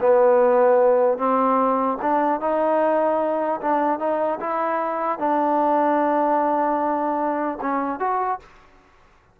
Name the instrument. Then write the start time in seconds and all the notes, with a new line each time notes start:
trombone
0.00 B3
1.18 C4
2.01 D4
2.40 D#4
3.61 D4
3.99 D#4
4.40 E4
5.19 D4
7.61 C#4
7.99 F#4